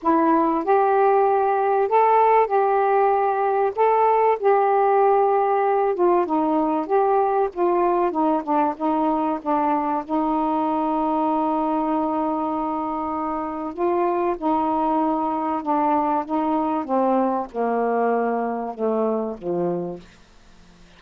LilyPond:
\new Staff \with { instrumentName = "saxophone" } { \time 4/4 \tempo 4 = 96 e'4 g'2 a'4 | g'2 a'4 g'4~ | g'4. f'8 dis'4 g'4 | f'4 dis'8 d'8 dis'4 d'4 |
dis'1~ | dis'2 f'4 dis'4~ | dis'4 d'4 dis'4 c'4 | ais2 a4 f4 | }